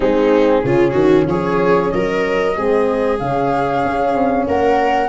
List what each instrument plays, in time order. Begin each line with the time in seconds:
0.00 tuba G#3, horn C4, viola D#4, flute G#4
0.63 tuba C#3, horn C#4, viola F4
0.91 tuba D#3, viola F#4
1.27 tuba F3, viola G#4, flute C#5
1.90 tuba F#3, viola A#4, flute D#5
2.55 tuba G#3, horn C4, viola G#4
3.18 tuba C#3, horn C#4, flute F5
3.85 tuba C#4
4.14 tuba C4
4.47 tuba A#3, viola A#4, flute F#5